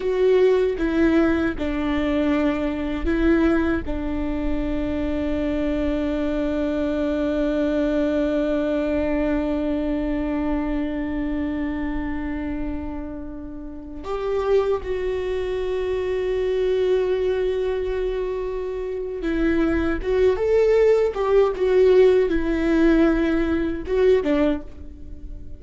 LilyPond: \new Staff \with { instrumentName = "viola" } { \time 4/4 \tempo 4 = 78 fis'4 e'4 d'2 | e'4 d'2.~ | d'1~ | d'1~ |
d'2~ d'16 g'4 fis'8.~ | fis'1~ | fis'4 e'4 fis'8 a'4 g'8 | fis'4 e'2 fis'8 d'8 | }